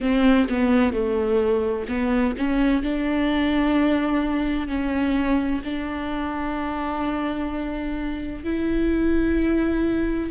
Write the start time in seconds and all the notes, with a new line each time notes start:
0.00 C4
0.49 B3
0.92 A3
1.88 B3
2.37 C#4
2.83 D4
4.67 C#4
5.64 D4
8.44 E4